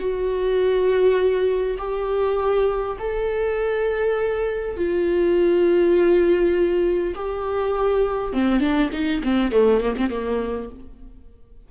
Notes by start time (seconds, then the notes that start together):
0.00 F#4
1.79 G4
2.99 A4
4.77 F4
7.15 G4
8.33 C4
8.61 D4
8.93 D#4
9.24 C4
9.52 A3
9.81 A#3
9.98 C4
10.10 A#3